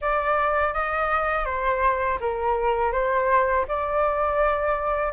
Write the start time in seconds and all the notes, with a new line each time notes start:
0.01 D5
0.73 D#5
1.45 C5
2.20 A#4
2.92 C5
3.68 D5